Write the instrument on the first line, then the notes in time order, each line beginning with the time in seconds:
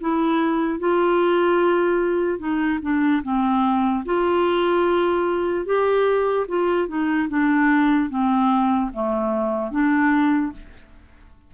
clarinet
0.00 E4
0.79 F4
2.38 D#4
2.82 D4
3.23 C4
4.05 F4
5.65 G4
6.48 F4
6.88 D#4
7.28 D4
8.09 C4
8.93 A3
9.71 D4